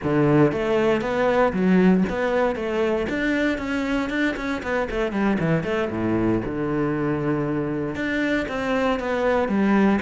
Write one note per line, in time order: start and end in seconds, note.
0.03 0.52 D3
0.52 1.01 A3
1.01 1.52 B3
1.52 2.04 F#3
2.09 2.55 B3
2.55 3.07 A3
3.09 3.58 D4
3.58 4.09 C#4
4.09 4.35 D4
4.36 4.62 C#4
4.62 4.88 B3
4.90 5.11 A3
5.11 5.37 G3
5.39 5.63 E3
5.63 5.89 A3
5.90 6.41 A2
6.45 7.95 D3
7.95 8.46 D4
8.48 8.99 C4
8.99 9.48 B3
9.48 9.99 G3